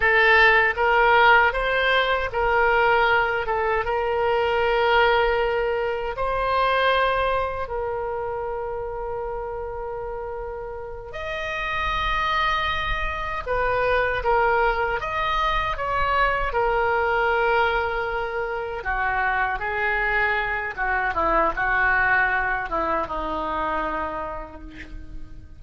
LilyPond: \new Staff \with { instrumentName = "oboe" } { \time 4/4 \tempo 4 = 78 a'4 ais'4 c''4 ais'4~ | ais'8 a'8 ais'2. | c''2 ais'2~ | ais'2~ ais'8 dis''4.~ |
dis''4. b'4 ais'4 dis''8~ | dis''8 cis''4 ais'2~ ais'8~ | ais'8 fis'4 gis'4. fis'8 e'8 | fis'4. e'8 dis'2 | }